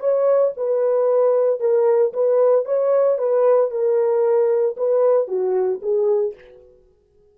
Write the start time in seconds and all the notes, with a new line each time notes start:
0.00 C#5
0.57 B4
1.60 A#4
2.13 B4
2.65 C#5
3.18 B4
3.71 A#4
4.77 B4
5.28 F#4
5.82 G#4